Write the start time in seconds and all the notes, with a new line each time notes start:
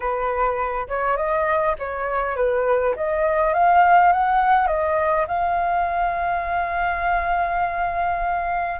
0.00 B4
0.88 C#5
1.17 D#5
1.78 C#5
2.35 B4
2.95 D#5
3.53 F5
4.12 F#5
4.67 D#5
5.27 F5